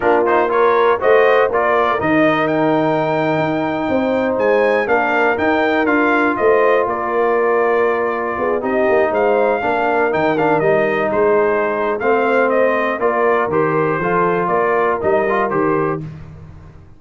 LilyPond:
<<
  \new Staff \with { instrumentName = "trumpet" } { \time 4/4 \tempo 4 = 120 ais'8 c''8 cis''4 dis''4 d''4 | dis''4 g''2.~ | g''8. gis''4 f''4 g''4 f''16~ | f''8. dis''4 d''2~ d''16~ |
d''4~ d''16 dis''4 f''4.~ f''16~ | f''16 g''8 f''8 dis''4 c''4.~ c''16 | f''4 dis''4 d''4 c''4~ | c''4 d''4 dis''4 c''4 | }
  \new Staff \with { instrumentName = "horn" } { \time 4/4 f'4 ais'4 c''4 ais'4~ | ais'2.~ ais'8. c''16~ | c''4.~ c''16 ais'2~ ais'16~ | ais'8. c''4 ais'2~ ais'16~ |
ais'8. gis'8 g'4 c''4 ais'8.~ | ais'2~ ais'16 gis'4.~ gis'16 | c''2 ais'2 | a'4 ais'2. | }
  \new Staff \with { instrumentName = "trombone" } { \time 4/4 d'8 dis'8 f'4 fis'4 f'4 | dis'1~ | dis'4.~ dis'16 d'4 dis'4 f'16~ | f'1~ |
f'4~ f'16 dis'2 d'8.~ | d'16 dis'8 d'8 dis'2~ dis'8. | c'2 f'4 g'4 | f'2 dis'8 f'8 g'4 | }
  \new Staff \with { instrumentName = "tuba" } { \time 4/4 ais2 a4 ais4 | dis2~ dis8. dis'4 c'16~ | c'8. gis4 ais4 dis'4 d'16~ | d'8. a4 ais2~ ais16~ |
ais8. b8 c'8 ais8 gis4 ais8.~ | ais16 dis4 g4 gis4.~ gis16 | a2 ais4 dis4 | f4 ais4 g4 dis4 | }
>>